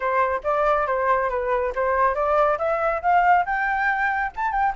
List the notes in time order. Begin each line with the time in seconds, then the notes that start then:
0.00 C5
0.43 D5
0.86 C5
1.29 B4
1.75 C5
2.14 D5
2.58 E5
3.02 F5
3.45 G5
4.35 A5
4.51 G5